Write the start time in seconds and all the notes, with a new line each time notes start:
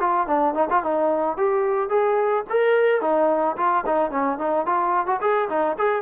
0.00 F4
0.27 D4
0.55 D#4
0.70 F4
0.84 D#4
1.37 G4
1.89 G#4
2.50 A#4
3.02 D#4
3.57 F4
3.86 D#4
4.11 C#4
4.38 D#4
4.66 F4
5.06 F#4
5.21 G#4
5.49 D#4
5.78 G#4